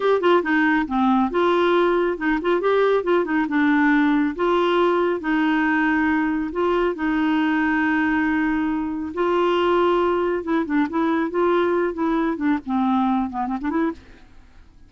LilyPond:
\new Staff \with { instrumentName = "clarinet" } { \time 4/4 \tempo 4 = 138 g'8 f'8 dis'4 c'4 f'4~ | f'4 dis'8 f'8 g'4 f'8 dis'8 | d'2 f'2 | dis'2. f'4 |
dis'1~ | dis'4 f'2. | e'8 d'8 e'4 f'4. e'8~ | e'8 d'8 c'4. b8 c'16 d'16 e'8 | }